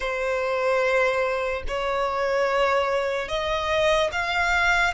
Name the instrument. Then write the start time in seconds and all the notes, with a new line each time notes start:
violin
0.00 C5
1.67 C#5
3.28 D#5
4.11 F5